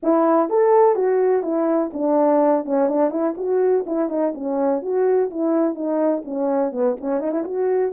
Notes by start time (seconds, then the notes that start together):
0.02 E4
0.49 A4
0.95 F#4
1.42 E4
1.93 D4
2.65 C#4
2.88 D4
3.10 E4
3.37 F#4
3.86 E4
4.09 D#4
4.34 C#4
4.82 F#4
5.30 E4
5.74 D#4
6.24 C#4
6.72 B3
7.00 C#4
7.20 D#4
7.31 E4
7.44 F#4